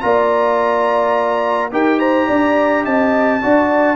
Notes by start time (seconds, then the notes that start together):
0.00 A#3 F4 D5 A#5
1.71 D#4 G4 A#4 G5
1.98 C5 A#5
2.27 D4 D5
2.84 C4 D#5 A5
3.42 D4 F#4 D5